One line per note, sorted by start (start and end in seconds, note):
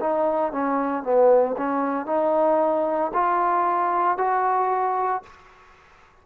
0.00 0.52 D#4
0.52 1.03 C#4
1.03 1.56 B3
1.57 2.06 C#4
2.06 3.11 D#4
3.13 4.18 F4
4.18 5.23 F#4